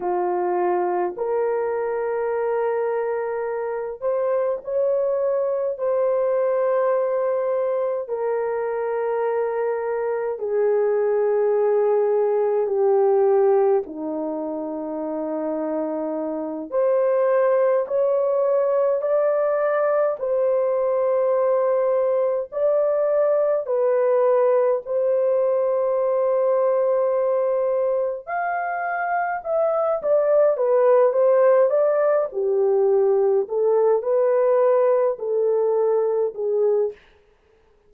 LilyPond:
\new Staff \with { instrumentName = "horn" } { \time 4/4 \tempo 4 = 52 f'4 ais'2~ ais'8 c''8 | cis''4 c''2 ais'4~ | ais'4 gis'2 g'4 | dis'2~ dis'8 c''4 cis''8~ |
cis''8 d''4 c''2 d''8~ | d''8 b'4 c''2~ c''8~ | c''8 f''4 e''8 d''8 b'8 c''8 d''8 | g'4 a'8 b'4 a'4 gis'8 | }